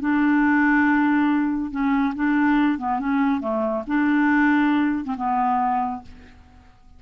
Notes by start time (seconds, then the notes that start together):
0.00 D4
1.71 C#4
2.15 D4
2.78 B3
2.99 C#4
3.41 A3
3.87 D4
5.05 C4
5.16 B3